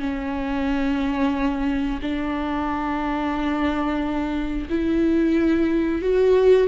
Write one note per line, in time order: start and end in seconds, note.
0.00 2.00 C#4
2.02 4.68 D4
4.69 6.02 E4
6.02 6.68 F#4